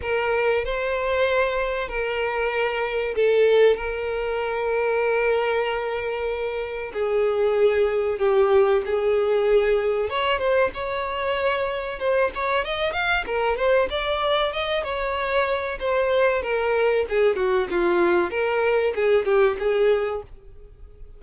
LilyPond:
\new Staff \with { instrumentName = "violin" } { \time 4/4 \tempo 4 = 95 ais'4 c''2 ais'4~ | ais'4 a'4 ais'2~ | ais'2. gis'4~ | gis'4 g'4 gis'2 |
cis''8 c''8 cis''2 c''8 cis''8 | dis''8 f''8 ais'8 c''8 d''4 dis''8 cis''8~ | cis''4 c''4 ais'4 gis'8 fis'8 | f'4 ais'4 gis'8 g'8 gis'4 | }